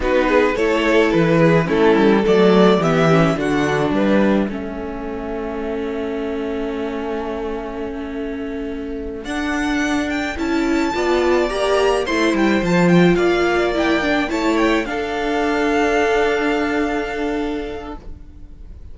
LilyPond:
<<
  \new Staff \with { instrumentName = "violin" } { \time 4/4 \tempo 4 = 107 b'4 cis''4 b'4 a'4 | d''4 e''4 fis''4 e''4~ | e''1~ | e''1~ |
e''8 fis''4. g''8 a''4.~ | a''8 ais''4 c'''8 g''8 a''8 g''8 f''8~ | f''8 g''4 a''8 g''8 f''4.~ | f''1 | }
  \new Staff \with { instrumentName = "violin" } { \time 4/4 fis'8 gis'8 a'4. gis'8 e'4 | a'4 g'4 fis'4 b'4 | a'1~ | a'1~ |
a'2.~ a'8 d''8~ | d''4. c''2 d''8~ | d''4. cis''4 a'4.~ | a'1 | }
  \new Staff \with { instrumentName = "viola" } { \time 4/4 dis'4 e'2 cis'4 | a4 b8 cis'8 d'2 | cis'1~ | cis'1~ |
cis'8 d'2 e'4 f'8~ | f'8 g'4 e'4 f'4.~ | f'8 e'8 d'8 e'4 d'4.~ | d'1 | }
  \new Staff \with { instrumentName = "cello" } { \time 4/4 b4 a4 e4 a8 g8 | fis4 e4 d4 g4 | a1~ | a1~ |
a8 d'2 cis'4 b8~ | b8 ais4 a8 g8 f4 ais8~ | ais4. a4 d'4.~ | d'1 | }
>>